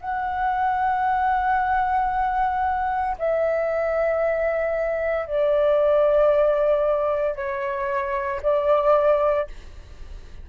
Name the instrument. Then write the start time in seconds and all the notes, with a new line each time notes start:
flute
0.00 F#5
3.18 E5
5.26 D5
7.35 C#5
8.42 D5